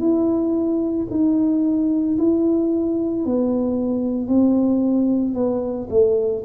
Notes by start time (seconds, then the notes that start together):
0.00 E4
1.11 D#4
2.19 E4
3.26 B3
4.28 C4
5.35 B3
5.90 A3